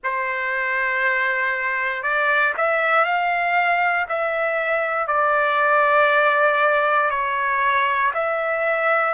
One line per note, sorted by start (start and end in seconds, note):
0.03 2.02 C5
2.02 2.53 D5
2.57 3.04 E5
3.04 4.06 F5
4.09 5.07 E5
5.07 7.10 D5
7.10 8.12 C#5
8.14 9.14 E5